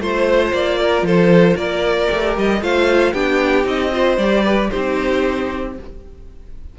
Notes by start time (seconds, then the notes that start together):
0.00 A3 F4 C5
0.53 A#3 D5
0.80 A#4
1.02 F3 A4 C5
1.56 A#3 A#4 D5
2.08 A3 G4
2.37 G3 D#5
2.61 A3 F4 C5 F5
3.13 B3 D4 G4 G5
3.64 C4 D#4 D#5
3.92 F4 C5
4.17 G3 G4 D5
4.44 B4
4.70 C4 D#4 G4 C5